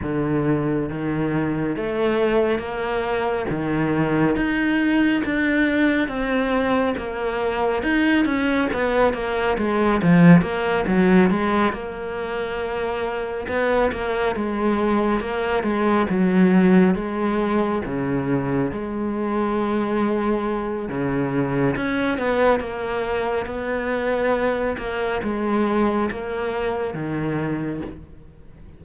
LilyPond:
\new Staff \with { instrumentName = "cello" } { \time 4/4 \tempo 4 = 69 d4 dis4 a4 ais4 | dis4 dis'4 d'4 c'4 | ais4 dis'8 cis'8 b8 ais8 gis8 f8 | ais8 fis8 gis8 ais2 b8 |
ais8 gis4 ais8 gis8 fis4 gis8~ | gis8 cis4 gis2~ gis8 | cis4 cis'8 b8 ais4 b4~ | b8 ais8 gis4 ais4 dis4 | }